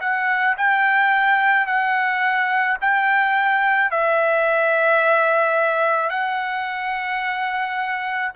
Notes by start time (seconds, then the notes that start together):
0.00 F#5
0.57 G5
1.66 F#5
2.81 G5
3.91 E5
6.10 F#5